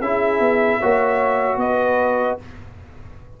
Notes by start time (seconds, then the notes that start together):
0.00 C#4 E4 G#4 E5
0.39 B3
0.79 A#3 F#4 C#5
1.56 B3 B4 D#5